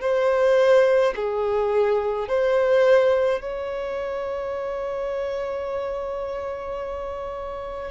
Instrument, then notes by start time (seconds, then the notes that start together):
violin
0.00 C5
1.15 G#4
2.28 C5
3.41 C#5